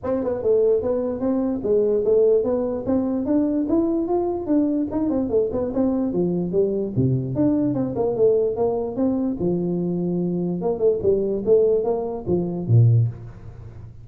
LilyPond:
\new Staff \with { instrumentName = "tuba" } { \time 4/4 \tempo 4 = 147 c'8 b8 a4 b4 c'4 | gis4 a4 b4 c'4 | d'4 e'4 f'4 d'4 | dis'8 c'8 a8 b8 c'4 f4 |
g4 c4 d'4 c'8 ais8 | a4 ais4 c'4 f4~ | f2 ais8 a8 g4 | a4 ais4 f4 ais,4 | }